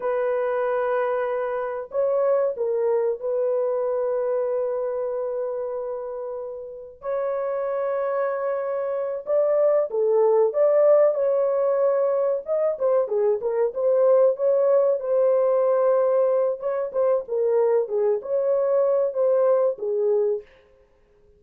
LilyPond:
\new Staff \with { instrumentName = "horn" } { \time 4/4 \tempo 4 = 94 b'2. cis''4 | ais'4 b'2.~ | b'2. cis''4~ | cis''2~ cis''8 d''4 a'8~ |
a'8 d''4 cis''2 dis''8 | c''8 gis'8 ais'8 c''4 cis''4 c''8~ | c''2 cis''8 c''8 ais'4 | gis'8 cis''4. c''4 gis'4 | }